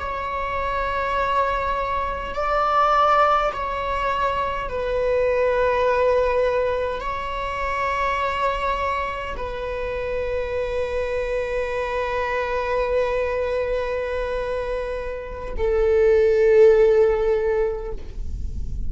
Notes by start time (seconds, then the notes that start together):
0.00 C#5
2.35 D5
3.53 C#5
4.70 B4
7.01 C#5
9.37 B4
15.57 A4